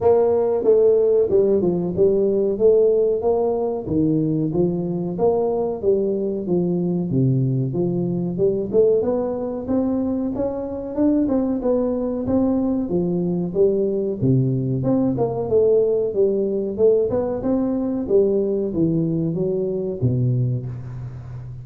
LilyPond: \new Staff \with { instrumentName = "tuba" } { \time 4/4 \tempo 4 = 93 ais4 a4 g8 f8 g4 | a4 ais4 dis4 f4 | ais4 g4 f4 c4 | f4 g8 a8 b4 c'4 |
cis'4 d'8 c'8 b4 c'4 | f4 g4 c4 c'8 ais8 | a4 g4 a8 b8 c'4 | g4 e4 fis4 b,4 | }